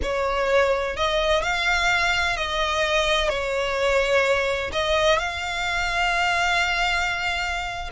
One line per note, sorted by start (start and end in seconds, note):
0.02 0.96 C#5
0.96 1.43 D#5
1.43 2.36 F5
2.36 3.29 D#5
3.29 4.71 C#5
4.72 5.18 D#5
5.18 7.90 F5